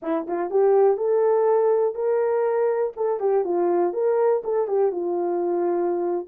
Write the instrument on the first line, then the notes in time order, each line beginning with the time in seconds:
horn
0.02 E4
0.27 F4
0.50 G4
0.97 A4
1.94 A#4
2.96 A4
3.20 G4
3.44 F4
3.93 A#4
4.44 A4
4.67 G4
4.91 F4